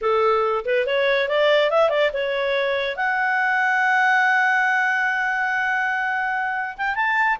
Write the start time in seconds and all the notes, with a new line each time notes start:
0.01 A4
0.65 B4
0.86 C#5
1.28 D5
1.70 E5
1.89 D5
2.13 C#5
2.96 F#5
6.77 G5
6.95 A5